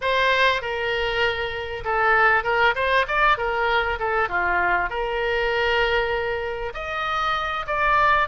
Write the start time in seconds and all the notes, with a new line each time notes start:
0.01 C5
0.61 A#4
1.84 A4
2.43 A#4
2.75 C5
3.08 D5
3.37 A#4
3.99 A4
4.29 F4
4.89 A#4
6.73 D#5
7.67 D5